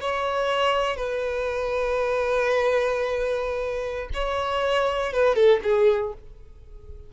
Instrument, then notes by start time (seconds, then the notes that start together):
violin
0.00 C#5
0.96 B4
4.13 C#5
5.12 B4
5.35 A4
5.63 G#4